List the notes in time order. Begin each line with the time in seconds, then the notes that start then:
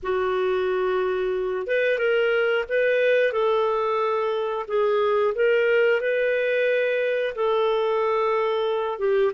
0.02 F#4
1.66 B4
1.98 A#4
2.68 B4
3.32 A4
4.67 G#4
5.35 A#4
6.01 B4
7.35 A4
8.98 G4